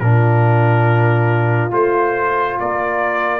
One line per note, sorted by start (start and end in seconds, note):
0.00 1.71 A#2
0.00 1.71 D4
0.00 2.59 F4
0.00 1.71 A#4
1.71 2.58 A3
1.71 3.40 F4
1.71 2.59 C5
2.59 3.40 A#3
2.59 3.40 A#4
2.59 3.40 D5